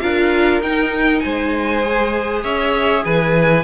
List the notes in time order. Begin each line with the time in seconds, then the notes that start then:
0.00 D4 F4 A#4 F5
0.61 D#4 G5
1.20 G#3 C5 G#5
1.82 G#4
2.43 C#4 C#5 E5
3.05 E3 B4 G#5